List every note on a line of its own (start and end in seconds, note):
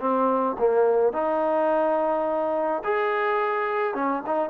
0.00 0.57 C4
0.59 1.13 A#3
1.13 2.83 D#4
2.84 3.94 G#4
3.94 4.23 C#4
4.27 4.50 D#4